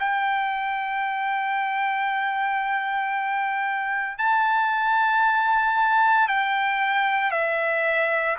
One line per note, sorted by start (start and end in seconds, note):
0.00 4.19 G5
4.19 6.29 A5
6.29 7.32 G5
7.32 8.37 E5